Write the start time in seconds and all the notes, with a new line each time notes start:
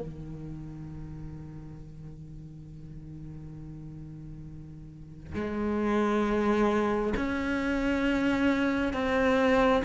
0.00 D#3
5.34 G#3
7.16 C#4
8.93 C4